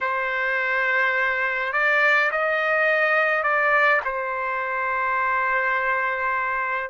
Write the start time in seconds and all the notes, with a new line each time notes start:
0.01 C5
1.73 D5
2.31 D#5
3.43 D5
4.04 C5